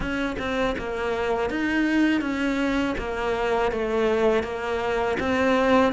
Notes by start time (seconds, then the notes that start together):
0.00 C#4
0.38 C4
0.78 A#3
1.50 D#4
2.21 C#4
2.98 A#3
3.71 A3
4.43 A#3
5.19 C4